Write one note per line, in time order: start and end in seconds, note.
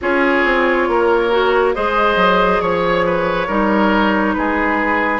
0.01 0.45 C#4
0.01 1.31 F4
0.01 0.89 G#4
0.01 1.74 C#5
0.45 0.87 C4
0.87 1.74 A#3
0.87 1.75 A#4
1.31 1.74 F#4
1.74 2.16 G#3
1.74 3.48 G#4
1.74 2.62 C5
1.74 2.60 D#5
2.16 2.59 F#3
2.60 3.48 F3
2.60 4.33 C#5
2.60 3.06 C#5
3.06 3.47 B4
3.47 4.35 G3
3.47 5.19 D#4
3.47 4.34 A#4
4.33 5.19 G#3
4.33 5.19 G#4
4.33 5.19 B4